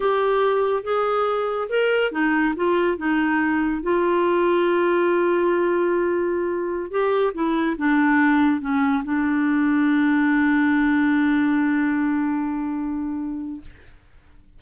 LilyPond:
\new Staff \with { instrumentName = "clarinet" } { \time 4/4 \tempo 4 = 141 g'2 gis'2 | ais'4 dis'4 f'4 dis'4~ | dis'4 f'2.~ | f'1~ |
f'16 g'4 e'4 d'4.~ d'16~ | d'16 cis'4 d'2~ d'8.~ | d'1~ | d'1 | }